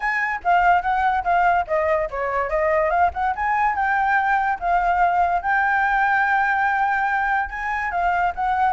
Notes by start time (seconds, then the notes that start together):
0.00 G#5
0.44 F5
0.82 F#5
1.24 F5
1.67 D#5
2.10 C#5
2.49 D#5
2.89 F5
3.13 F#5
3.35 G#5
3.75 G5
4.59 F5
5.42 G5
7.49 G#5
7.91 F5
8.35 F#5